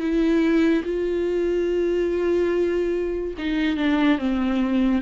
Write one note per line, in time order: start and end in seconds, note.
0.00 0.83 E4
0.84 3.34 F4
3.38 3.77 D#4
3.77 4.19 D4
4.19 5.02 C4